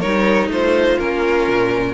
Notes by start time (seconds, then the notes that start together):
0.00 G3 D#4 A#4 C#5
0.48 A3 F4 C5
0.98 A#3 C#4 A#4
1.48 A#2